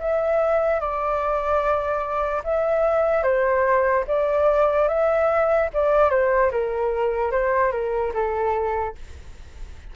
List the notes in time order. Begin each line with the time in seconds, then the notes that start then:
0.00 E5
0.80 D5
2.44 E5
3.23 C5
4.08 D5
4.88 E5
5.73 D5
6.10 C5
6.52 A#4
7.32 C5
7.72 A#4
8.14 A4